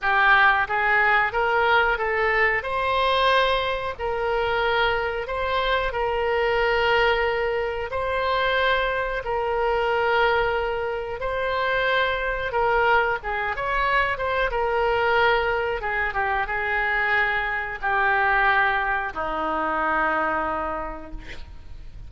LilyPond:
\new Staff \with { instrumentName = "oboe" } { \time 4/4 \tempo 4 = 91 g'4 gis'4 ais'4 a'4 | c''2 ais'2 | c''4 ais'2. | c''2 ais'2~ |
ais'4 c''2 ais'4 | gis'8 cis''4 c''8 ais'2 | gis'8 g'8 gis'2 g'4~ | g'4 dis'2. | }